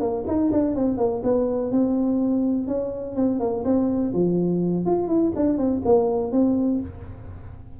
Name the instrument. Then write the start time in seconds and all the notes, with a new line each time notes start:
tuba
0.00 A#3
0.27 D#4
0.52 D4
0.75 C4
0.97 A#3
1.23 B3
1.71 C4
2.67 C#4
3.16 C4
3.40 A#3
3.65 C4
4.13 F3
4.86 F4
5.08 E4
5.36 D4
5.57 C4
5.85 A#3
6.32 C4